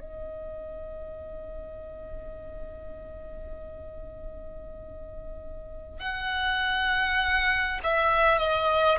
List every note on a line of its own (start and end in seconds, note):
0.00 5.99 D#5
5.99 7.79 F#5
7.84 8.38 E5
8.38 8.98 D#5